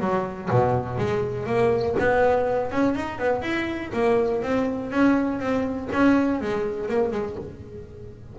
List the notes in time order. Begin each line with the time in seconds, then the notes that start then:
0.00 F#3
0.51 B2
0.98 G#3
1.47 A#3
1.99 B3
2.72 C#4
2.95 D#4
3.19 B3
3.42 E4
3.93 A#3
4.43 C4
4.91 C#4
5.40 C4
5.93 C#4
6.41 G#3
6.89 A#3
7.12 G#3